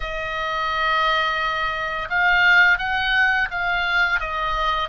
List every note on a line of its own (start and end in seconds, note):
0.00 2.08 D#5
2.09 2.78 F5
2.78 3.48 F#5
3.50 4.20 F5
4.20 4.88 D#5